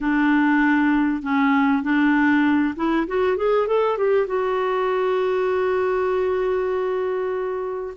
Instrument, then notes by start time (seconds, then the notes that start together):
clarinet
0.00 D4
1.22 C#4
1.82 D4
2.76 E4
3.07 F#4
3.36 G#4
3.67 A4
3.97 G4
4.26 F#4